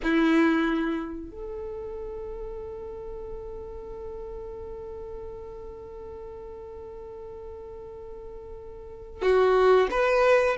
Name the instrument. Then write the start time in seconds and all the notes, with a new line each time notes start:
violin
0.03 E4
1.30 A4
9.22 F#4
9.91 B4